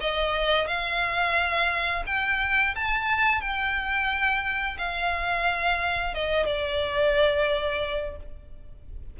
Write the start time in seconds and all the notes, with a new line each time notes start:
0.00 D#5
0.67 F5
2.06 G5
2.75 A5
3.40 G5
4.78 F5
6.14 D#5
6.46 D5